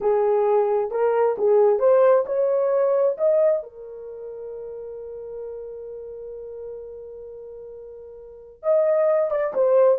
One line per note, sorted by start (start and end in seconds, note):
0.00 0.90 G#4
0.90 1.36 A#4
1.38 1.79 G#4
1.79 2.24 C5
2.26 3.17 C#5
3.17 3.62 D#5
3.62 8.62 A#4
8.62 9.31 D#5
9.31 9.53 D5
9.53 9.98 C5